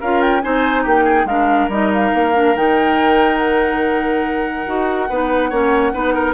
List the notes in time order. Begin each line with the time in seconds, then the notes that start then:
0.00 C#4 F4 A#4 F5
0.21 G5
0.41 C4 D#4 C5 G#5
0.83 A#3 G4 G5
1.04 G#4
1.24 G#3 D4 A#4 F5
1.69 G3 D#4 D#5
1.93 F5
2.14 A#3
2.33 D4
2.55 D#3 D#4 G5
3.37 F#5
4.66 D#4 F#4
5.09 B3 D#4 B4
5.50 A#3 C#4 C#5
5.93 B3 D#4 B4
6.14 A#4